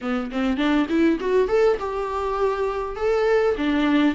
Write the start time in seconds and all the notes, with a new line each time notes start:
0.01 B3
0.31 C4
0.57 D4
0.89 E4
1.20 F#4
1.47 A4
1.79 G4
2.96 A4
3.57 D4